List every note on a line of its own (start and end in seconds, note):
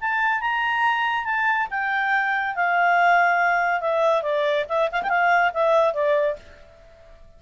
0.00 0.40 A5
0.40 1.25 A#5
1.25 1.67 A5
1.70 2.55 G5
2.55 3.80 F5
3.80 4.22 E5
4.22 4.65 D5
4.68 4.90 E5
4.91 5.02 F5
5.03 5.09 G5
5.09 5.51 F5
5.53 5.93 E5
5.93 6.36 D5